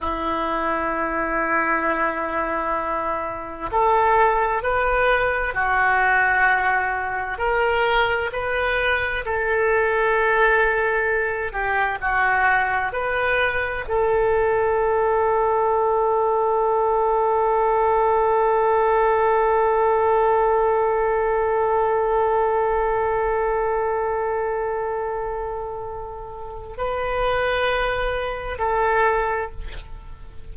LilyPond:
\new Staff \with { instrumentName = "oboe" } { \time 4/4 \tempo 4 = 65 e'1 | a'4 b'4 fis'2 | ais'4 b'4 a'2~ | a'8 g'8 fis'4 b'4 a'4~ |
a'1~ | a'1~ | a'1~ | a'4 b'2 a'4 | }